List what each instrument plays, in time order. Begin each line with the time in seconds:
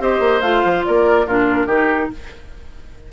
0.00 bassoon C4, clarinet G4, oboe C5, flute D#5
0.20 bassoon A#3
0.42 bassoon A3, clarinet F4, flute F5
0.65 bassoon F3
0.85 bassoon A#3, oboe A#4, flute D5
1.27 bassoon A#2, clarinet D4, oboe F4, flute A#4
1.66 bassoon D#3, clarinet D#4, oboe G4